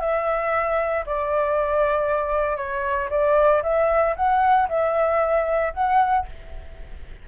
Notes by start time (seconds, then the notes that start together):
0.00 E5
1.06 D5
2.57 C#5
3.10 D5
3.63 E5
4.16 F#5
4.69 E5
5.74 F#5